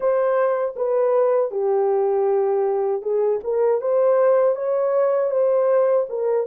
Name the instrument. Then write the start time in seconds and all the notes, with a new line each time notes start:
horn
0.00 C5
0.76 B4
1.51 G4
3.02 G#4
3.43 A#4
3.81 C5
4.55 C#5
5.30 C5
6.09 A#4